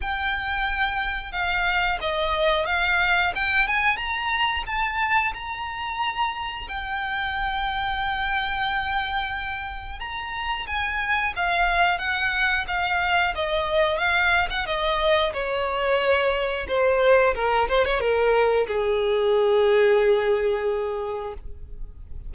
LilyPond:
\new Staff \with { instrumentName = "violin" } { \time 4/4 \tempo 4 = 90 g''2 f''4 dis''4 | f''4 g''8 gis''8 ais''4 a''4 | ais''2 g''2~ | g''2. ais''4 |
gis''4 f''4 fis''4 f''4 | dis''4 f''8. fis''16 dis''4 cis''4~ | cis''4 c''4 ais'8 c''16 cis''16 ais'4 | gis'1 | }